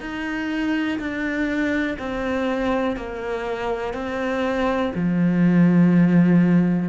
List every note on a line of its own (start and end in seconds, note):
0.00 0.98 D#4
0.99 1.97 D4
1.98 2.96 C4
2.96 3.93 A#3
3.93 4.91 C4
4.94 6.89 F3